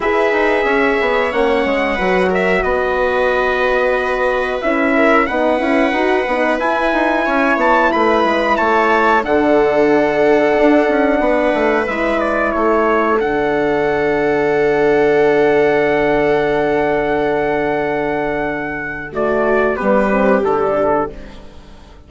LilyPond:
<<
  \new Staff \with { instrumentName = "trumpet" } { \time 4/4 \tempo 4 = 91 e''2 fis''4. e''8 | dis''2. e''4 | fis''2 gis''4. a''8 | b''4 a''4 fis''2~ |
fis''2 e''8 d''8 cis''4 | fis''1~ | fis''1~ | fis''4 d''4 b'4 a'4 | }
  \new Staff \with { instrumentName = "viola" } { \time 4/4 b'4 cis''2 b'8 ais'8 | b'2.~ b'8 ais'8 | b'2. cis''4 | b'4 cis''4 a'2~ |
a'4 b'2 a'4~ | a'1~ | a'1~ | a'4 fis'4 g'2 | }
  \new Staff \with { instrumentName = "horn" } { \time 4/4 gis'2 cis'4 fis'4~ | fis'2. e'4 | dis'8 e'8 fis'8 dis'8 e'2~ | e'2 d'2~ |
d'2 e'2 | d'1~ | d'1~ | d'4 a4 b8 c'8 d'4 | }
  \new Staff \with { instrumentName = "bassoon" } { \time 4/4 e'8 dis'8 cis'8 b8 ais8 gis8 fis4 | b2. cis'4 | b8 cis'8 dis'8 b8 e'8 dis'8 cis'8 b8 | a8 gis8 a4 d2 |
d'8 cis'8 b8 a8 gis4 a4 | d1~ | d1~ | d2 g4 d4 | }
>>